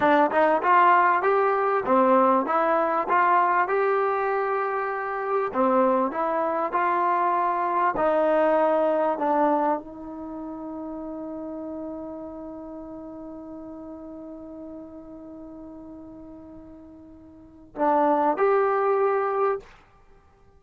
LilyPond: \new Staff \with { instrumentName = "trombone" } { \time 4/4 \tempo 4 = 98 d'8 dis'8 f'4 g'4 c'4 | e'4 f'4 g'2~ | g'4 c'4 e'4 f'4~ | f'4 dis'2 d'4 |
dis'1~ | dis'1~ | dis'1~ | dis'4 d'4 g'2 | }